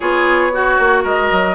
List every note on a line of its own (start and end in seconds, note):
0.00 0.78 B3
0.00 0.52 F4
0.00 0.51 G#4
0.00 1.03 C#5
0.52 1.54 F#4
0.52 1.03 F#4
0.78 1.04 A#3
1.03 1.30 G#3
1.03 1.54 A#4
1.03 1.54 D#5
1.31 1.54 F#3